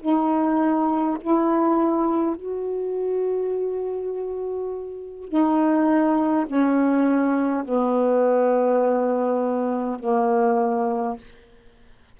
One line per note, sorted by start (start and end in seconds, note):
0.00 1.18 D#4
1.21 2.36 E4
2.36 5.28 F#4
5.28 6.46 D#4
6.47 7.64 C#4
7.65 9.99 B3
9.99 11.17 A#3